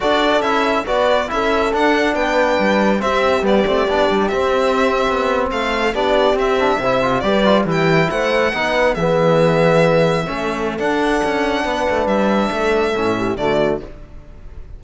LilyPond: <<
  \new Staff \with { instrumentName = "violin" } { \time 4/4 \tempo 4 = 139 d''4 e''4 d''4 e''4 | fis''4 g''2 e''4 | d''2 e''2~ | e''8. f''4 d''4 e''4~ e''16~ |
e''8. d''4 g''4 fis''4~ fis''16~ | fis''8. e''2.~ e''16~ | e''4 fis''2. | e''2. d''4 | }
  \new Staff \with { instrumentName = "horn" } { \time 4/4 a'2 b'4 a'4~ | a'4 b'2 g'4~ | g'1~ | g'8. a'4 g'2 c''16~ |
c''8. b'4 g'4 c''4 b'16~ | b'8. gis'2. a'16~ | a'2. b'4~ | b'4 a'4. g'8 fis'4 | }
  \new Staff \with { instrumentName = "trombone" } { \time 4/4 fis'4 e'4 fis'4 e'4 | d'2. c'4 | b8 c'8 d'4 c'2~ | c'4.~ c'16 d'4 c'8 d'8 e'16~ |
e'16 f'8 g'8 f'8 e'2 dis'16~ | dis'8. b2. cis'16~ | cis'4 d'2.~ | d'2 cis'4 a4 | }
  \new Staff \with { instrumentName = "cello" } { \time 4/4 d'4 cis'4 b4 cis'4 | d'4 b4 g4 c'4 | g8 a8 b8 g8 c'4.~ c'16 b16~ | b8. a4 b4 c'4 c16~ |
c8. g4 e4 a4 b16~ | b8. e2. a16~ | a4 d'4 cis'4 b8 a8 | g4 a4 a,4 d4 | }
>>